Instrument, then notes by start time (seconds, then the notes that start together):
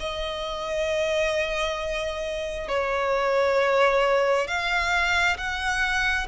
violin
0.00 D#5
2.68 C#5
4.48 F5
5.38 F#5